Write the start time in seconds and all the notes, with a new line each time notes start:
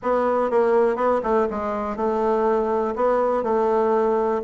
0.02 B3
0.50 A#3
0.96 B3
1.23 A3
1.50 G#3
1.96 A3
2.95 B3
3.43 A3